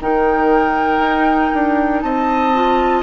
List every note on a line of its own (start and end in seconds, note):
0.00 0.98 D#3
0.00 2.54 D#4
0.00 2.03 A#4
0.00 2.01 G5
0.98 1.49 D#4
1.53 2.03 D4
2.01 3.03 C4
2.01 3.03 D#5
2.01 3.02 A5
2.54 3.03 F4